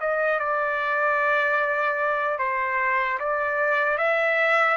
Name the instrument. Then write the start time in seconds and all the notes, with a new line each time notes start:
trumpet
0.00 D#5
0.39 D5
2.39 C5
3.19 D5
3.97 E5